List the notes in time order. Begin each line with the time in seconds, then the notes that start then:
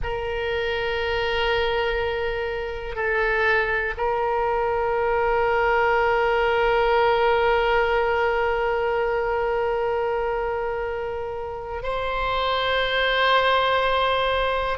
0.03 A#4
2.95 A4
3.97 A#4
11.83 C5